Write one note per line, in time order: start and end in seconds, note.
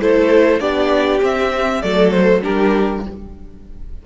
0.00 0.60 A3
0.00 0.60 E4
0.00 0.60 A4
0.00 0.60 C5
0.60 1.21 B3
0.60 1.20 D4
0.60 1.81 G4
0.60 1.20 D5
1.21 1.82 C4
1.21 1.82 E5
1.81 2.43 F#3
1.81 2.42 A3
1.81 2.42 A4
1.81 2.11 D5
2.11 2.41 C5
2.42 3.06 G3
2.42 3.03 D4
2.42 3.04 G4
2.42 3.05 A#4